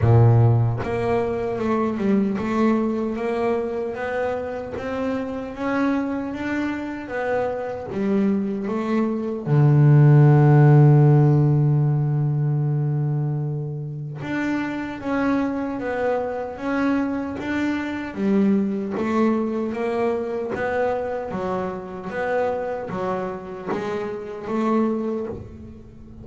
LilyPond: \new Staff \with { instrumentName = "double bass" } { \time 4/4 \tempo 4 = 76 ais,4 ais4 a8 g8 a4 | ais4 b4 c'4 cis'4 | d'4 b4 g4 a4 | d1~ |
d2 d'4 cis'4 | b4 cis'4 d'4 g4 | a4 ais4 b4 fis4 | b4 fis4 gis4 a4 | }